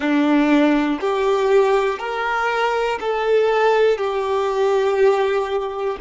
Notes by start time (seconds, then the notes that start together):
0.00 D4
1.00 G4
1.98 A#4
3.00 A4
3.97 G4